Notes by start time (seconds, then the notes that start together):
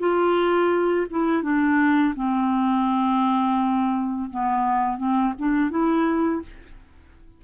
0.00 F4
1.11 E4
1.43 D4
2.16 C4
4.31 B3
4.98 C4
5.39 D4
5.70 E4